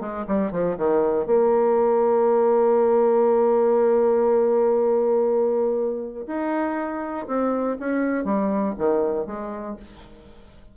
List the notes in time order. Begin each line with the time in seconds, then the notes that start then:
0.00 G#3
0.27 G3
0.51 F3
0.77 D#3
1.26 A#3
6.26 D#4
7.27 C4
7.79 C#4
8.24 G3
8.78 D#3
9.26 G#3